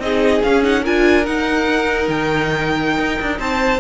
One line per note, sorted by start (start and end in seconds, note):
0.00 0.41 C4
0.00 0.43 D#4
0.00 0.83 G#4
0.00 0.42 D#5
0.43 0.63 C#4
0.43 0.87 C#4
0.43 0.63 F5
0.63 0.84 D#4
0.63 0.85 F#5
0.83 1.27 D4
0.83 1.24 F4
0.83 3.39 A#4
0.83 1.26 G#5
1.24 3.81 D#4
1.24 2.08 D#4
1.24 2.09 F#5
2.08 2.98 D#3
2.08 3.40 G5
2.98 3.19 D#4
3.22 3.39 D4
3.39 3.80 C4
3.39 3.81 C5
3.39 3.81 A5